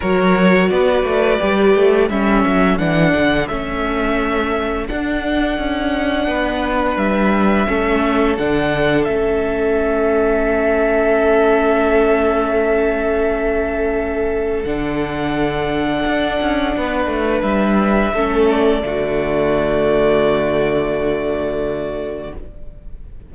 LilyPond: <<
  \new Staff \with { instrumentName = "violin" } { \time 4/4 \tempo 4 = 86 cis''4 d''2 e''4 | fis''4 e''2 fis''4~ | fis''2 e''2 | fis''4 e''2.~ |
e''1~ | e''4 fis''2.~ | fis''4 e''4. d''4.~ | d''1 | }
  \new Staff \with { instrumentName = "violin" } { \time 4/4 ais'4 b'2 a'4~ | a'1~ | a'4 b'2 a'4~ | a'1~ |
a'1~ | a'1 | b'2 a'4 fis'4~ | fis'1 | }
  \new Staff \with { instrumentName = "viola" } { \time 4/4 fis'2 g'4 cis'4 | d'4 cis'2 d'4~ | d'2. cis'4 | d'4 cis'2.~ |
cis'1~ | cis'4 d'2.~ | d'2 cis'4 a4~ | a1 | }
  \new Staff \with { instrumentName = "cello" } { \time 4/4 fis4 b8 a8 g8 a8 g8 fis8 | e8 d8 a2 d'4 | cis'4 b4 g4 a4 | d4 a2.~ |
a1~ | a4 d2 d'8 cis'8 | b8 a8 g4 a4 d4~ | d1 | }
>>